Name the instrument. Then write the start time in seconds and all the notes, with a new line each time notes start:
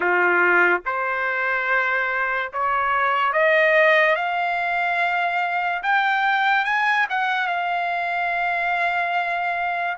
trumpet
0.00 F4
0.85 C5
2.52 C#5
3.32 D#5
4.15 F5
5.83 G5
6.64 G#5
7.09 F#5
7.47 F5